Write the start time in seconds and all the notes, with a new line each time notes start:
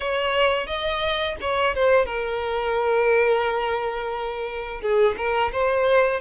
0.00 C#5
0.66 D#5
1.40 C#5
1.74 C5
2.05 A#4
4.81 G#4
5.17 A#4
5.52 C5